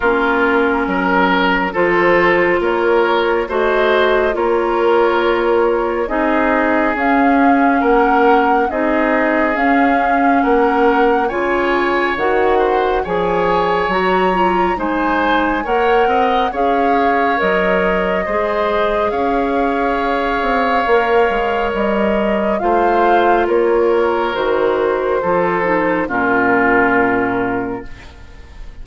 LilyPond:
<<
  \new Staff \with { instrumentName = "flute" } { \time 4/4 \tempo 4 = 69 ais'2 c''4 cis''4 | dis''4 cis''2 dis''4 | f''4 fis''4 dis''4 f''4 | fis''4 gis''4 fis''4 gis''4 |
ais''4 gis''4 fis''4 f''4 | dis''2 f''2~ | f''4 dis''4 f''4 cis''4 | c''2 ais'2 | }
  \new Staff \with { instrumentName = "oboe" } { \time 4/4 f'4 ais'4 a'4 ais'4 | c''4 ais'2 gis'4~ | gis'4 ais'4 gis'2 | ais'4 cis''4. c''8 cis''4~ |
cis''4 c''4 cis''8 dis''8 cis''4~ | cis''4 c''4 cis''2~ | cis''2 c''4 ais'4~ | ais'4 a'4 f'2 | }
  \new Staff \with { instrumentName = "clarinet" } { \time 4/4 cis'2 f'2 | fis'4 f'2 dis'4 | cis'2 dis'4 cis'4~ | cis'4 f'4 fis'4 gis'4 |
fis'8 f'8 dis'4 ais'4 gis'4 | ais'4 gis'2. | ais'2 f'2 | fis'4 f'8 dis'8 cis'2 | }
  \new Staff \with { instrumentName = "bassoon" } { \time 4/4 ais4 fis4 f4 ais4 | a4 ais2 c'4 | cis'4 ais4 c'4 cis'4 | ais4 cis4 dis4 f4 |
fis4 gis4 ais8 c'8 cis'4 | fis4 gis4 cis'4. c'8 | ais8 gis8 g4 a4 ais4 | dis4 f4 ais,2 | }
>>